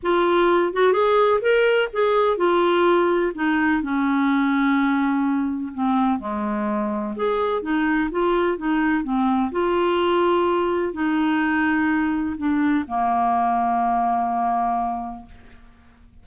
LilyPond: \new Staff \with { instrumentName = "clarinet" } { \time 4/4 \tempo 4 = 126 f'4. fis'8 gis'4 ais'4 | gis'4 f'2 dis'4 | cis'1 | c'4 gis2 gis'4 |
dis'4 f'4 dis'4 c'4 | f'2. dis'4~ | dis'2 d'4 ais4~ | ais1 | }